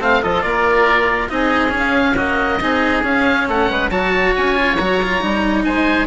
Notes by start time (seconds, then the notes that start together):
0.00 A3 C4 F5
0.22 F3 F4 A4 D#5
0.42 A#3 A#4 D5
1.29 C4 D#4 G#4 D#5
1.69 C#4
1.78 F5
2.15 A#3 F#4 D#5
2.60 C4 D#4 G#4
3.02 C#4 F5
3.48 A3 A4 F#5
3.70 G#3 B4
3.90 F#3 F#4 C#5 A5
4.36 C#4 G#5
4.55 F4
4.77 F#3 F#4 A#5
5.03 F4
5.21 G3 D#4
5.64 G#3 C5 G#5